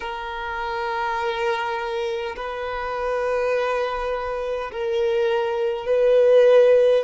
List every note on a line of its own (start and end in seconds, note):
0.00 2.35 A#4
2.35 4.71 B4
4.72 5.86 A#4
5.86 7.03 B4